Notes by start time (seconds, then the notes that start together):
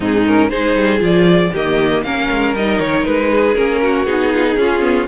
0.00 G#2 C4 D#4 G#4
0.26 C#4 A#4
0.49 G#3 D#4 G#4 C5
0.75 G3
0.98 F3 F4 D5
1.52 D#3 A#3 G4 D#5
2.03 A#3 C#4 A#4 F5
2.30 G#3
2.54 G3 D#4 D#5
2.79 D#3 C#5
3.05 G#3 B4
3.30 G#4
3.55 A#3 C#4 A#4
3.82 F#4
4.05 B3 D#4 G#4
4.33 F4
4.47 D#4
4.56 C#4 F4
4.80 B3